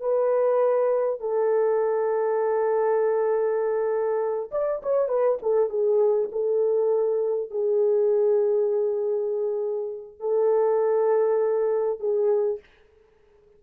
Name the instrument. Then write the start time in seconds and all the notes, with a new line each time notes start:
horn
0.00 B4
1.20 A4
4.51 D5
4.82 C#5
5.08 B4
5.42 A4
5.69 G#4
6.31 A4
7.50 G#4
10.19 A4
11.99 G#4